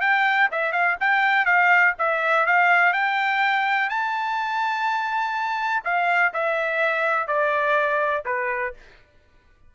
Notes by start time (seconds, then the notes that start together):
0.00 G5
0.51 E5
0.72 F5
1.00 G5
1.45 F5
1.98 E5
2.46 F5
2.93 G5
3.89 A5
5.84 F5
6.33 E5
7.27 D5
8.25 B4